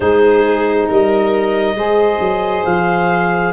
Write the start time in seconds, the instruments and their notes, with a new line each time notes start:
0.00 tuba G#3, saxophone D#4, viola G#4, clarinet C5
0.87 tuba G3, viola A#4, clarinet D#5
1.74 tuba G#3, saxophone G#4, viola C5
2.20 tuba F#3
2.65 tuba F3, clarinet F5